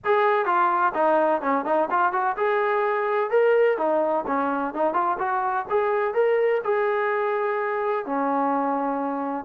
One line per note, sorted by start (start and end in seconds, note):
0.04 0.45 G#4
0.45 0.92 F4
0.94 1.41 D#4
1.41 1.65 C#4
1.65 1.88 D#4
1.90 2.12 F4
2.12 2.36 F#4
2.36 3.30 G#4
3.30 3.77 A#4
3.77 4.24 D#4
4.26 4.74 C#4
4.74 4.93 D#4
4.93 5.17 F4
5.18 5.65 F#4
5.69 6.14 G#4
6.14 6.61 A#4
6.64 8.05 G#4
8.05 9.45 C#4